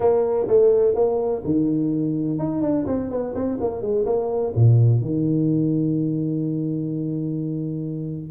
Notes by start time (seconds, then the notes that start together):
0.00 A#3
0.47 A3
0.94 A#3
1.44 D#3
2.39 D#4
2.61 D4
2.86 C4
3.10 B3
3.34 C4
3.60 A#3
3.81 G#3
4.05 A#3
4.55 A#2
5.01 D#3